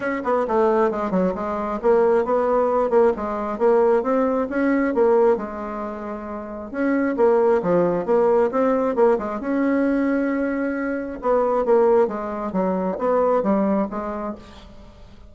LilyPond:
\new Staff \with { instrumentName = "bassoon" } { \time 4/4 \tempo 4 = 134 cis'8 b8 a4 gis8 fis8 gis4 | ais4 b4. ais8 gis4 | ais4 c'4 cis'4 ais4 | gis2. cis'4 |
ais4 f4 ais4 c'4 | ais8 gis8 cis'2.~ | cis'4 b4 ais4 gis4 | fis4 b4 g4 gis4 | }